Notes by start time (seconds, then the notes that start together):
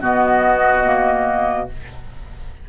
0.00 B2 B3 F#4 D#5
0.84 A#3